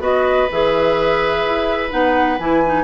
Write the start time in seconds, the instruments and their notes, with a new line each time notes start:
0.00 bassoon B3, clarinet F#4, oboe B4, flute D#5
0.52 bassoon E3, clarinet G#4, flute E5
1.45 bassoon E4
1.90 bassoon B3, clarinet D#4, flute F#5
2.39 bassoon E3, clarinet E4, flute G#5
2.66 clarinet D#4